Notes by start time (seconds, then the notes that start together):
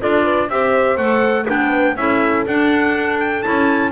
0.00 D4 F4 A4 D5
0.23 B4
0.49 C4 G4 C5 E5
0.97 A3 A4 F#5
1.46 B3 D4 B4 G5
1.96 C#4 E4 A4 E5
2.46 D4 F#5
3.20 G5
3.42 C#4 E4 A5